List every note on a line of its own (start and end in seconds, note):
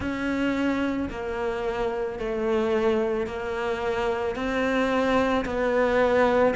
0.00 1.09 C#4
1.10 2.19 A#3
2.19 3.27 A3
3.27 4.35 A#3
4.35 5.44 C4
5.45 6.54 B3